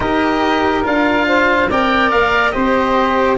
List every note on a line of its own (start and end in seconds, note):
0.00 0.85 D#4
0.00 0.83 G4
0.00 1.27 A#4
0.00 0.84 D#5
0.83 1.69 D4
0.83 1.68 F4
0.83 1.71 F5
1.27 1.69 C5
1.69 2.12 C4
1.69 2.52 A#4
1.69 2.53 D5
1.69 2.11 G5
2.11 2.54 A#3
2.11 2.51 F5
2.51 3.38 C4
2.51 3.36 G4
2.51 3.37 C5
2.51 3.35 D#5